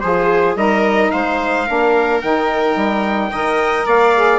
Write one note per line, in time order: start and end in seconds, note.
0.00 0.56 F3
0.00 0.56 F4
0.00 0.58 G#4
0.00 0.55 C5
0.56 1.11 G3
0.56 1.66 D#4
0.56 1.13 A#4
0.56 1.11 D#5
1.11 1.69 G#3
1.11 1.66 C5
1.11 2.21 F5
1.66 2.23 A#3
1.66 2.21 D4
1.66 3.31 A#4
2.22 2.76 D#3
2.22 3.32 D#4
2.22 3.87 G5
2.76 3.31 G3
3.32 3.86 D#3
3.32 4.15 A#4
3.32 3.86 D#5
3.86 4.39 A#3
3.86 4.39 D5
3.86 4.39 F5
4.15 4.39 G#4